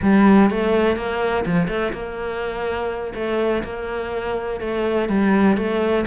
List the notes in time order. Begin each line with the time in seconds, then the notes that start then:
0.02 G3
0.50 A3
0.96 A#3
1.45 F3
1.68 A3
1.92 A#3
3.14 A3
3.63 A#3
4.60 A3
5.09 G3
5.57 A3